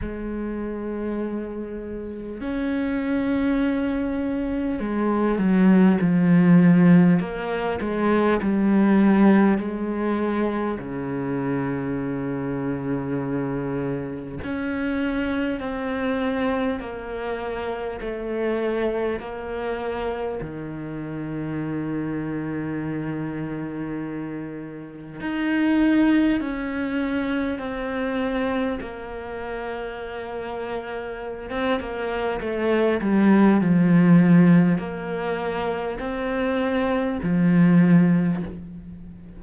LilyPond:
\new Staff \with { instrumentName = "cello" } { \time 4/4 \tempo 4 = 50 gis2 cis'2 | gis8 fis8 f4 ais8 gis8 g4 | gis4 cis2. | cis'4 c'4 ais4 a4 |
ais4 dis2.~ | dis4 dis'4 cis'4 c'4 | ais2~ ais16 c'16 ais8 a8 g8 | f4 ais4 c'4 f4 | }